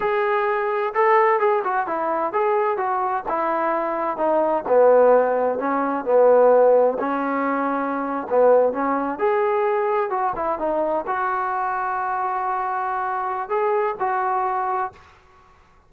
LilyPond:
\new Staff \with { instrumentName = "trombone" } { \time 4/4 \tempo 4 = 129 gis'2 a'4 gis'8 fis'8 | e'4 gis'4 fis'4 e'4~ | e'4 dis'4 b2 | cis'4 b2 cis'4~ |
cis'4.~ cis'16 b4 cis'4 gis'16~ | gis'4.~ gis'16 fis'8 e'8 dis'4 fis'16~ | fis'1~ | fis'4 gis'4 fis'2 | }